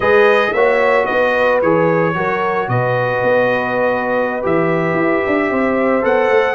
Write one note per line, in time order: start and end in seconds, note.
0.00 0.53 G#3
0.00 0.54 G#4
0.00 0.51 B4
0.00 0.53 D#5
0.53 1.07 A#3
0.53 1.63 F#4
0.53 1.06 C#5
0.53 1.05 E5
1.05 1.62 B3
1.05 2.13 B4
1.05 1.59 D#5
1.61 2.15 E3
1.61 2.14 G#4
1.61 2.68 C#5
2.14 2.68 F#3
2.14 4.42 F#4
2.14 2.69 A#4
2.68 3.22 B2
2.68 5.50 B4
2.68 4.42 D#5
3.23 4.43 B3
4.42 4.94 E3
4.42 6.02 G4
4.42 6.04 E5
4.94 5.21 E4
5.26 5.50 D4
5.50 6.03 C4
5.50 6.54 C5
6.02 6.29 B3
6.02 6.54 A4
6.02 6.54 F#5
6.29 6.54 A3